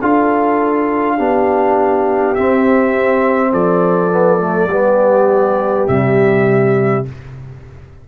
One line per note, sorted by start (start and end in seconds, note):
0.00 1.19 D4
0.00 1.18 F4
0.00 1.17 A4
0.00 2.35 F5
1.17 2.37 B3
1.17 2.36 D4
1.17 3.51 G4
2.35 4.11 C4
2.35 3.52 C4
2.35 3.52 E5
3.51 4.66 F3
3.51 4.69 A4
3.51 5.87 D5
4.11 4.39 B3
4.39 4.68 A3
4.66 5.84 G3
4.66 5.87 B3
4.73 7.08 G4
5.87 7.06 C3
5.87 7.05 G3
5.87 7.05 E5